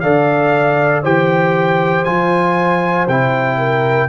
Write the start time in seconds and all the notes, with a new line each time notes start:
0.00 D3 A4 D5 F5
1.03 E3 G4 C5 G5
2.04 F3 F4 G#5
3.07 C3 E4 G5
3.57 A#4